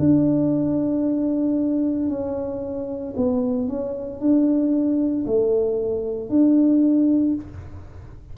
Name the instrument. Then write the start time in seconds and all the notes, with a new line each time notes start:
tuba
0.00 D4
2.10 C#4
3.17 B3
3.68 C#4
4.21 D4
5.27 A3
6.30 D4